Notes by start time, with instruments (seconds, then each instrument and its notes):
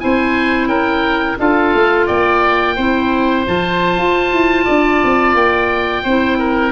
0.00 tuba C4, clarinet E4, oboe C5 G#5
0.67 tuba C#4, oboe A#4 G5
1.39 tuba D4, clarinet F4, oboe A4 F5
1.74 tuba A3
2.06 tuba A#3, oboe D5 G5
2.76 tuba C4, clarinet E4, oboe C5
3.47 tuba F3, clarinet F4, oboe A5
3.98 tuba F4
4.32 tuba E4
4.65 tuba D4, oboe D5
5.04 tuba C4
5.34 tuba A#3, oboe G5
6.03 tuba C4, clarinet E4, oboe C5
6.39 oboe A#4